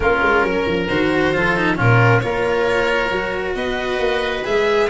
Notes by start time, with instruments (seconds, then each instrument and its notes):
0.00 tuba A#3, cello C#4, oboe F4, violin A#4
0.21 tuba G#3
0.42 tuba F#3, oboe A#4
0.66 tuba F3
0.86 tuba D#3, cello F#4, violin C5
1.34 tuba F3, cello F4, oboe A4
1.56 cello D#4
1.75 tuba A#2, cello C#4, oboe F4, violin A#4
2.19 tuba A#3, cello F4, oboe A#4, violin C#5
3.11 tuba F#3, cello F#4
3.55 tuba B3, oboe B4, violin D#5
3.98 tuba A#3
4.44 tuba G#3, cello G#4, violin E5